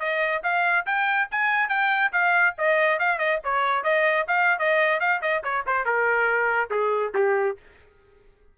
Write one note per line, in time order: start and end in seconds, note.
0.00 0.43 D#5
0.44 0.86 F5
0.86 1.29 G5
1.32 1.69 G#5
1.69 2.12 G5
2.13 2.55 F5
2.58 2.99 D#5
2.99 3.19 F5
3.19 3.40 D#5
3.44 3.84 C#5
3.84 4.27 D#5
4.28 4.59 F5
4.59 5.00 D#5
5.00 5.21 F5
5.22 5.43 D#5
5.44 5.65 C#5
5.67 5.85 C5
5.85 6.71 A#4
6.71 7.14 G#4
7.15 7.57 G4